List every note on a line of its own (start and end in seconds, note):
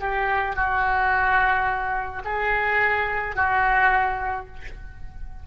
0.00 0.56 G4
0.56 2.22 F#4
2.24 3.35 G#4
3.36 4.47 F#4